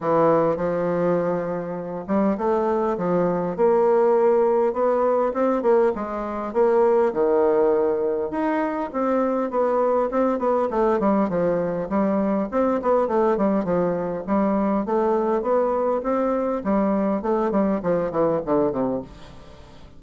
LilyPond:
\new Staff \with { instrumentName = "bassoon" } { \time 4/4 \tempo 4 = 101 e4 f2~ f8 g8 | a4 f4 ais2 | b4 c'8 ais8 gis4 ais4 | dis2 dis'4 c'4 |
b4 c'8 b8 a8 g8 f4 | g4 c'8 b8 a8 g8 f4 | g4 a4 b4 c'4 | g4 a8 g8 f8 e8 d8 c8 | }